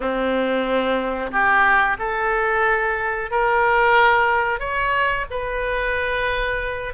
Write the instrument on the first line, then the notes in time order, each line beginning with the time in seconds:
oboe
0.00 C4
1.31 G4
1.98 A4
3.30 A#4
4.59 C#5
5.30 B4